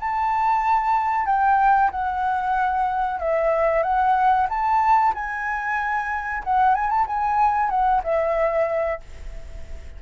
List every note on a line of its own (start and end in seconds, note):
0.00 1.26 A5
1.26 1.91 G5
1.91 3.20 F#5
3.20 3.83 E5
3.83 4.48 F#5
4.49 5.14 A5
5.15 6.44 G#5
6.44 6.75 F#5
6.75 6.90 G#5
6.90 7.06 A5
7.07 7.70 G#5
7.70 8.02 F#5
8.04 9.01 E5